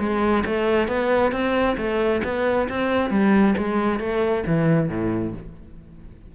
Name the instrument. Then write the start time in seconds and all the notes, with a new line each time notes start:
cello
0.00 G#3
0.46 A3
0.88 B3
1.32 C4
1.78 A3
2.24 B3
2.69 C4
3.11 G3
3.58 G#3
4.00 A3
4.47 E3
4.89 A2